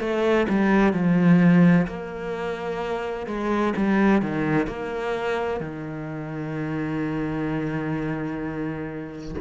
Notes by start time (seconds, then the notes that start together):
0.00 A3
0.49 G3
0.93 F3
1.87 A#3
3.27 G#3
3.77 G3
4.22 D#3
4.67 A#3
5.60 D#3